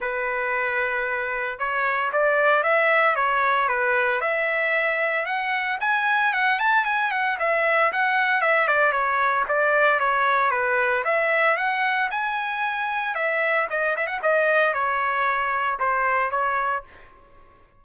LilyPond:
\new Staff \with { instrumentName = "trumpet" } { \time 4/4 \tempo 4 = 114 b'2. cis''4 | d''4 e''4 cis''4 b'4 | e''2 fis''4 gis''4 | fis''8 a''8 gis''8 fis''8 e''4 fis''4 |
e''8 d''8 cis''4 d''4 cis''4 | b'4 e''4 fis''4 gis''4~ | gis''4 e''4 dis''8 e''16 fis''16 dis''4 | cis''2 c''4 cis''4 | }